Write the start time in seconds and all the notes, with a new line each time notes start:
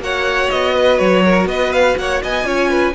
0.00 A#3 F#4 C#5 F#5
0.50 B3 D#5
0.75 B4
0.99 F#3 C#5
1.25 A#4
1.46 B3 B4 D#5
1.73 F5
1.98 A#3 C#5 F#5
2.23 B3 D#5 G#5
2.45 C#4 F4 C#5
2.70 B4